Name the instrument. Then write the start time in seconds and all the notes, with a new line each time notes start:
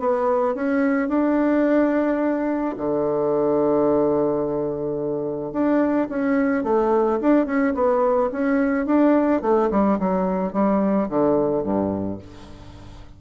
bassoon
0.00 B3
0.55 C#4
1.09 D4
2.78 D3
5.53 D4
6.10 C#4
6.64 A3
7.22 D4
7.46 C#4
7.75 B3
8.32 C#4
8.87 D4
9.42 A3
9.71 G3
10.00 F#3
10.53 G3
11.09 D3
11.64 G2